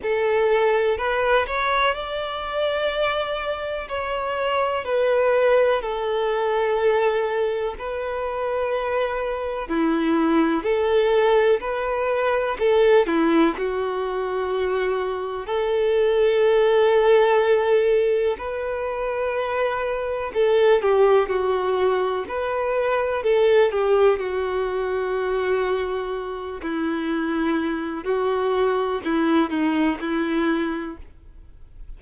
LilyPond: \new Staff \with { instrumentName = "violin" } { \time 4/4 \tempo 4 = 62 a'4 b'8 cis''8 d''2 | cis''4 b'4 a'2 | b'2 e'4 a'4 | b'4 a'8 e'8 fis'2 |
a'2. b'4~ | b'4 a'8 g'8 fis'4 b'4 | a'8 g'8 fis'2~ fis'8 e'8~ | e'4 fis'4 e'8 dis'8 e'4 | }